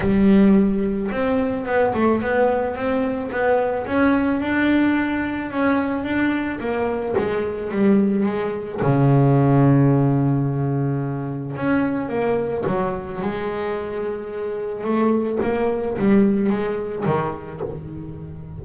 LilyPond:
\new Staff \with { instrumentName = "double bass" } { \time 4/4 \tempo 4 = 109 g2 c'4 b8 a8 | b4 c'4 b4 cis'4 | d'2 cis'4 d'4 | ais4 gis4 g4 gis4 |
cis1~ | cis4 cis'4 ais4 fis4 | gis2. a4 | ais4 g4 gis4 dis4 | }